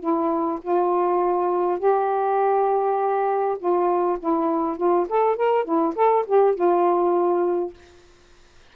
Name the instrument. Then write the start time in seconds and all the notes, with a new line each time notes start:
saxophone
0.00 E4
0.62 F4
1.79 G4
3.59 F4
4.20 E4
4.77 F4
5.09 A4
5.37 A#4
5.65 E4
5.95 A4
6.26 G4
6.55 F4